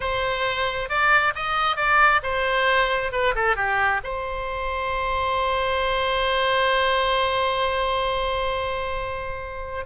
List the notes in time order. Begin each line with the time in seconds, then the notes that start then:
0.00 C5
0.89 D5
1.35 D#5
1.76 D5
2.22 C5
3.11 B4
3.35 A4
3.56 G4
4.03 C5